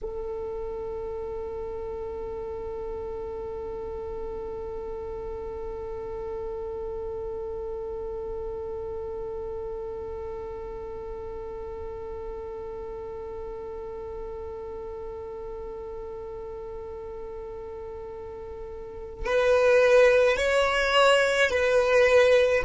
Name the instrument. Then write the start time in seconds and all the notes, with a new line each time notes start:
violin
0.02 A4
19.25 B4
20.37 C#5
21.50 B4